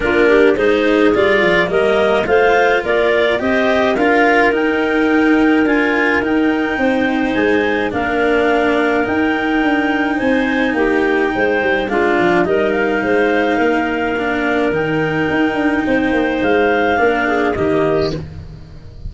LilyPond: <<
  \new Staff \with { instrumentName = "clarinet" } { \time 4/4 \tempo 4 = 106 ais'4 c''4 d''4 dis''4 | f''4 d''4 dis''4 f''4 | g''2 gis''4 g''4~ | g''4 gis''4 f''2 |
g''2 gis''4 g''4~ | g''4 f''4 dis''8 f''4.~ | f''2 g''2~ | g''4 f''2 dis''4 | }
  \new Staff \with { instrumentName = "clarinet" } { \time 4/4 f'8 g'8 gis'2 ais'4 | c''4 ais'4 c''4 ais'4~ | ais'1 | c''2 ais'2~ |
ais'2 c''4 g'4 | c''4 f'4 ais'4 c''4 | ais'1 | c''2 ais'8 gis'8 g'4 | }
  \new Staff \with { instrumentName = "cello" } { \time 4/4 d'4 dis'4 f'4 ais4 | f'2 g'4 f'4 | dis'2 f'4 dis'4~ | dis'2 d'2 |
dis'1~ | dis'4 d'4 dis'2~ | dis'4 d'4 dis'2~ | dis'2 d'4 ais4 | }
  \new Staff \with { instrumentName = "tuba" } { \time 4/4 ais4 gis4 g8 f8 g4 | a4 ais4 c'4 d'4 | dis'2 d'4 dis'4 | c'4 gis4 ais2 |
dis'4 d'4 c'4 ais4 | gis8 g8 gis8 f8 g4 gis4 | ais2 dis4 dis'8 d'8 | c'8 ais8 gis4 ais4 dis4 | }
>>